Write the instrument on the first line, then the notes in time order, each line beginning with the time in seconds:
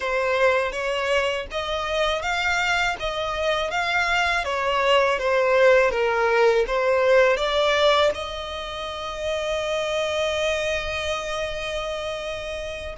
violin
0.00 C5
0.72 C#5
1.51 D#5
2.22 F5
2.99 D#5
3.70 F5
4.44 C#5
5.19 C5
5.91 A#4
6.67 C5
7.36 D5
8.14 D#5